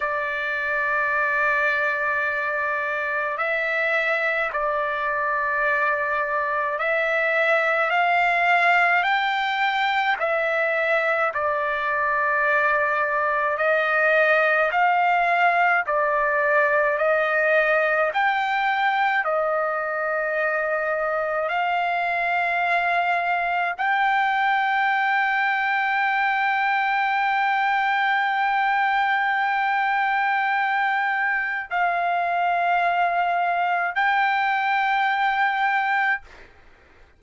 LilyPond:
\new Staff \with { instrumentName = "trumpet" } { \time 4/4 \tempo 4 = 53 d''2. e''4 | d''2 e''4 f''4 | g''4 e''4 d''2 | dis''4 f''4 d''4 dis''4 |
g''4 dis''2 f''4~ | f''4 g''2.~ | g''1 | f''2 g''2 | }